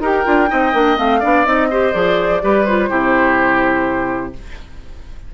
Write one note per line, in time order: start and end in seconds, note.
0.00 0.24 D#4
0.00 0.24 G4
0.00 0.49 A#4
0.00 0.98 G5
0.24 0.51 D4
0.24 0.48 F4
0.48 0.73 C4
0.48 0.72 D#4
0.48 1.20 D#5
0.73 0.97 A#3
0.73 0.96 D4
0.96 1.22 A3
0.96 1.20 C4
0.96 1.46 F5
1.20 1.46 B3
1.20 1.45 D4
1.20 1.68 D5
1.45 1.94 C4
1.45 1.69 D#4
1.45 1.93 D#5
1.70 1.92 G4
1.70 2.42 C5
1.92 2.42 F3
1.92 2.40 G#4
1.92 2.65 D5
2.41 2.90 G3
2.41 2.65 G4
2.41 2.89 B4
2.65 2.89 F4
2.65 4.33 C5
2.89 4.34 C3
2.89 4.33 E4
2.89 4.33 G4